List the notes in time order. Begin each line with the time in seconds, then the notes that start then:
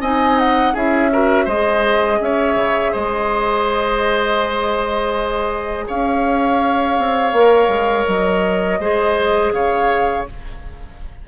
0.00 C4 D#4 D#5 G#5
0.39 F#5
0.74 C#4 E4 G#4 E5
1.12 F#4 A#4
1.45 G#3 G#4 C5 D#5
2.20 C#4 C#5 E5
2.55 C#3
2.92 G#3 C5 D#5
5.87 C#4 C#5 F5
6.98 C4
7.32 A#3 A#4
7.68 G#3
8.06 F#3 D#5
8.79 G#3 G#4 C5
9.52 C#3 C#5 F5